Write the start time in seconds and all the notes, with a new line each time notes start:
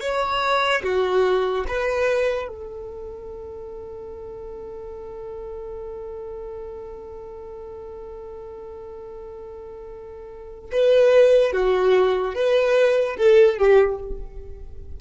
0.00 C#5
0.83 F#4
1.68 B4
2.48 A4
10.72 B4
11.53 F#4
12.34 B4
13.17 A4
13.58 G4